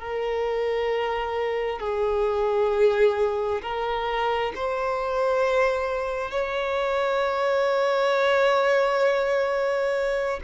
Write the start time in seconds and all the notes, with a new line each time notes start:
0.00 A#4
1.80 G#4
3.62 A#4
4.55 C5
6.31 C#5